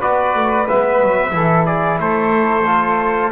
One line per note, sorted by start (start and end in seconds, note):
0.00 0.34 B3
0.00 0.66 F#4
0.00 1.32 B4
0.00 0.67 D5
0.34 0.67 A3
0.66 1.02 G#3
0.66 1.31 B3
0.66 1.65 E5
1.02 1.32 F#3
1.31 1.98 E3
1.31 2.63 E4
1.31 1.65 A4
1.65 1.98 G#4
1.65 1.98 D5
1.98 3.30 A3
1.98 3.32 A4
1.98 3.32 C5
2.65 3.31 F4